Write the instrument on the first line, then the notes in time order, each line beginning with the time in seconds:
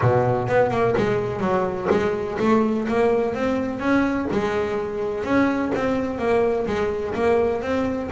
double bass
0.01 B2
0.48 B3
0.70 A#3
0.97 G#3
1.40 F#3
1.90 G#3
2.39 A3
2.87 A#3
3.34 C4
3.79 C#4
4.31 G#3
5.24 C#4
5.74 C4
6.18 A#3
6.66 G#3
7.14 A#3
7.61 C4